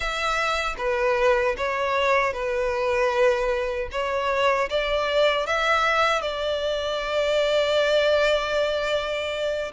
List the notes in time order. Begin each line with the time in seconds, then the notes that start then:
0.00 E5
0.77 B4
1.57 C#5
2.33 B4
3.91 C#5
4.69 D5
5.46 E5
6.21 D5